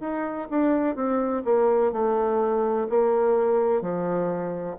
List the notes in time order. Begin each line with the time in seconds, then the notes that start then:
0.00 D#4
0.50 D4
0.96 C4
1.45 A#3
1.92 A3
2.89 A#3
3.81 F3